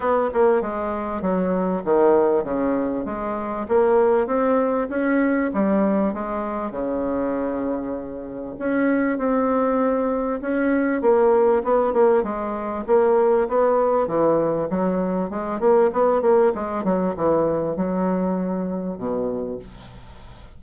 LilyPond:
\new Staff \with { instrumentName = "bassoon" } { \time 4/4 \tempo 4 = 98 b8 ais8 gis4 fis4 dis4 | cis4 gis4 ais4 c'4 | cis'4 g4 gis4 cis4~ | cis2 cis'4 c'4~ |
c'4 cis'4 ais4 b8 ais8 | gis4 ais4 b4 e4 | fis4 gis8 ais8 b8 ais8 gis8 fis8 | e4 fis2 b,4 | }